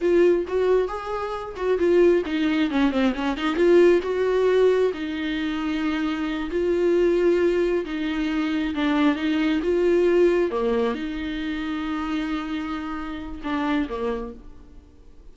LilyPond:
\new Staff \with { instrumentName = "viola" } { \time 4/4 \tempo 4 = 134 f'4 fis'4 gis'4. fis'8 | f'4 dis'4 cis'8 c'8 cis'8 dis'8 | f'4 fis'2 dis'4~ | dis'2~ dis'8 f'4.~ |
f'4. dis'2 d'8~ | d'8 dis'4 f'2 ais8~ | ais8 dis'2.~ dis'8~ | dis'2 d'4 ais4 | }